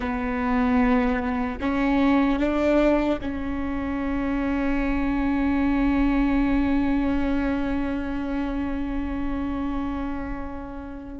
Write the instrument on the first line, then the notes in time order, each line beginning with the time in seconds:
viola
0.00 B3
1.60 C#4
2.39 D4
3.21 C#4